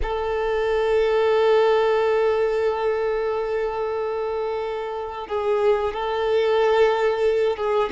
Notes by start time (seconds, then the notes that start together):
0.02 A4
5.27 G#4
5.93 A4
7.56 G#4